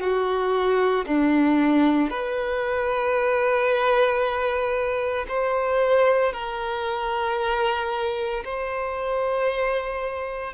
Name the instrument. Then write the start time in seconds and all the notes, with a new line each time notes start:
violin
0.00 F#4
1.07 D4
2.10 B4
5.29 C5
6.33 A#4
8.44 C5